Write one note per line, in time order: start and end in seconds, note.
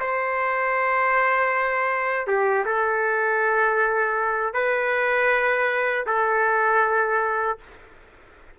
0.00 2.27 C5
2.27 2.65 G4
2.65 4.54 A4
4.54 6.06 B4
6.07 7.58 A4